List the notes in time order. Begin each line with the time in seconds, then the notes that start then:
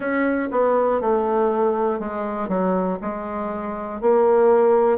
0.00 C#4
0.51 B3
1.00 A3
2.00 G#3
2.48 F#3
3.01 G#3
4.01 A#3